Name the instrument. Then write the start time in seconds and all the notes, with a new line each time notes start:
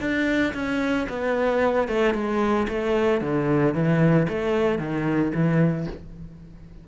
cello
0.00 D4
0.54 C#4
1.09 B3
1.88 A3
2.14 G#3
2.68 A3
3.21 D3
3.74 E3
4.28 A3
4.78 D#3
5.34 E3